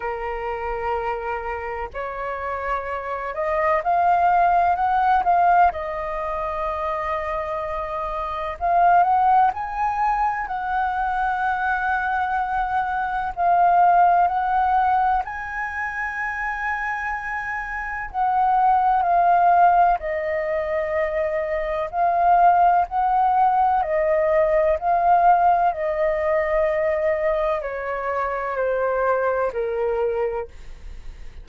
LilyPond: \new Staff \with { instrumentName = "flute" } { \time 4/4 \tempo 4 = 63 ais'2 cis''4. dis''8 | f''4 fis''8 f''8 dis''2~ | dis''4 f''8 fis''8 gis''4 fis''4~ | fis''2 f''4 fis''4 |
gis''2. fis''4 | f''4 dis''2 f''4 | fis''4 dis''4 f''4 dis''4~ | dis''4 cis''4 c''4 ais'4 | }